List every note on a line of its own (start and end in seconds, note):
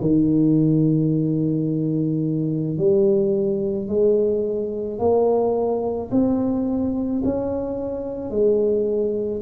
0.00 2.77 D#3
2.77 3.87 G3
3.87 4.98 G#3
4.98 6.10 A#3
6.11 7.22 C4
7.24 8.30 C#4
8.30 9.41 G#3